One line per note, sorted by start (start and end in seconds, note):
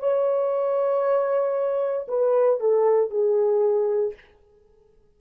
0.00 2.07 C#5
2.08 2.60 B4
2.60 3.11 A4
3.11 4.14 G#4